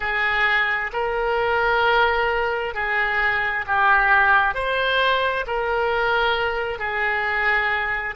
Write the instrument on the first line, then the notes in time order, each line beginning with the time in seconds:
oboe
0.00 G#4
0.93 A#4
2.74 G#4
3.66 G4
4.54 C5
5.46 A#4
6.79 G#4